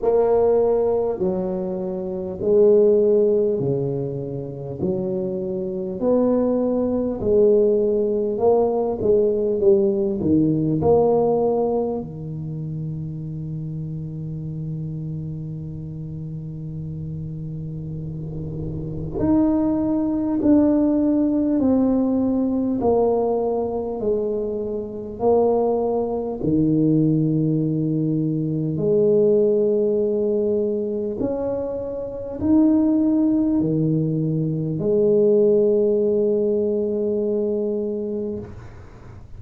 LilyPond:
\new Staff \with { instrumentName = "tuba" } { \time 4/4 \tempo 4 = 50 ais4 fis4 gis4 cis4 | fis4 b4 gis4 ais8 gis8 | g8 dis8 ais4 dis2~ | dis1 |
dis'4 d'4 c'4 ais4 | gis4 ais4 dis2 | gis2 cis'4 dis'4 | dis4 gis2. | }